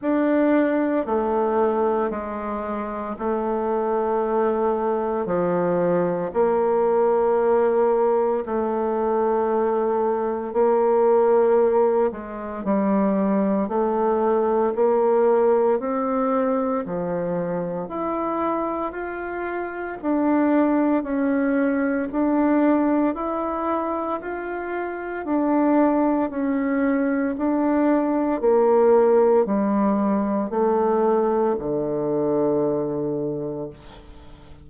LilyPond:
\new Staff \with { instrumentName = "bassoon" } { \time 4/4 \tempo 4 = 57 d'4 a4 gis4 a4~ | a4 f4 ais2 | a2 ais4. gis8 | g4 a4 ais4 c'4 |
f4 e'4 f'4 d'4 | cis'4 d'4 e'4 f'4 | d'4 cis'4 d'4 ais4 | g4 a4 d2 | }